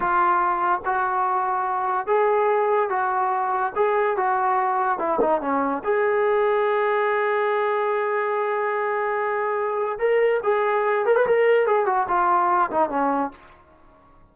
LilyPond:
\new Staff \with { instrumentName = "trombone" } { \time 4/4 \tempo 4 = 144 f'2 fis'2~ | fis'4 gis'2 fis'4~ | fis'4 gis'4 fis'2 | e'8 dis'8 cis'4 gis'2~ |
gis'1~ | gis'1 | ais'4 gis'4. ais'16 b'16 ais'4 | gis'8 fis'8 f'4. dis'8 cis'4 | }